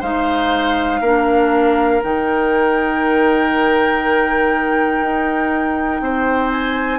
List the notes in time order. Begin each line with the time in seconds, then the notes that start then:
0.00 G#3 D#4 C5 F5
1.00 A#3 D4 A#4
2.02 D#3 D#4 G5
5.01 D#4
6.01 C4 C5
6.51 G#5